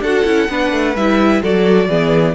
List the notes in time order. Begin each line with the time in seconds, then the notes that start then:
0.00 D4 F#4 A4 F#5
0.25 C#4 E4
0.48 B3 D4 B4
0.72 A3
0.95 G3 E4 E5
1.41 F#3 F#4 A4 D5
1.88 E3 B3 G#4